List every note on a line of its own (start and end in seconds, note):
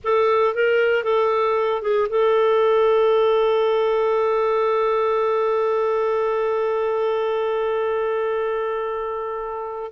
0.04 0.54 A4
0.54 1.03 A#4
1.03 1.81 A4
1.81 2.08 G#4
2.09 9.92 A4